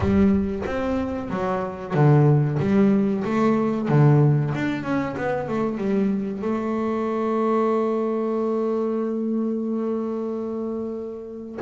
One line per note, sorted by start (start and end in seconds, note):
0.00 0.63 G3
0.66 1.30 C4
1.30 1.94 F#3
1.94 2.58 D3
2.59 3.23 G3
3.24 3.88 A3
3.88 4.52 D3
4.55 4.83 D4
4.83 5.15 C#4
5.17 5.48 B3
5.48 5.77 A3
5.77 6.42 G3
6.42 11.58 A3